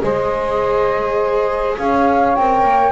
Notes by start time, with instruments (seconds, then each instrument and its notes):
0.00 double bass G#3, viola G#4, saxophone C5, flute D#5
1.78 double bass C#4, saxophone C#5, flute F5
2.35 double bass C4, viola A#4, flute G5
2.64 double bass A#3